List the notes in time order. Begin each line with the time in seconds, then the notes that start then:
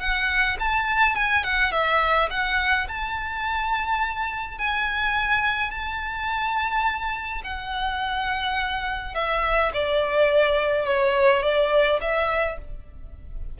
0.00 F#5
0.59 A5
1.15 G#5
1.44 F#5
1.72 E5
2.30 F#5
2.88 A5
4.58 G#5
5.70 A5
7.44 F#5
9.15 E5
9.73 D5
10.85 C#5
11.42 D5
12.01 E5